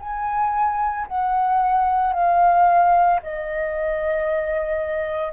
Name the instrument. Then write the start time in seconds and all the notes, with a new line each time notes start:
flute
0.00 G#5
1.08 F#5
2.13 F5
3.23 D#5